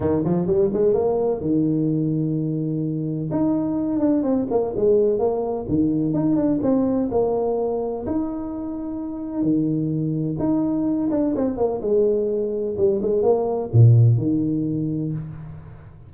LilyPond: \new Staff \with { instrumentName = "tuba" } { \time 4/4 \tempo 4 = 127 dis8 f8 g8 gis8 ais4 dis4~ | dis2. dis'4~ | dis'8 d'8 c'8 ais8 gis4 ais4 | dis4 dis'8 d'8 c'4 ais4~ |
ais4 dis'2. | dis2 dis'4. d'8 | c'8 ais8 gis2 g8 gis8 | ais4 ais,4 dis2 | }